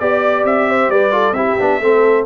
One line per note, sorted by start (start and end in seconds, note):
0.00 0.45 B3
0.00 1.12 G4
0.00 0.45 D5
0.00 0.70 D5
0.45 0.89 C4
0.45 0.91 E5
0.70 0.91 C5
0.89 1.33 G3
0.89 1.14 B4
0.89 1.34 D5
1.12 1.34 F4
1.12 1.36 A4
1.33 1.55 C4
1.33 1.59 E4
1.33 1.81 G4
1.33 2.24 E5
1.59 1.80 B3
1.59 1.82 D4
1.80 2.26 A3
1.80 2.27 C4
1.80 2.27 A4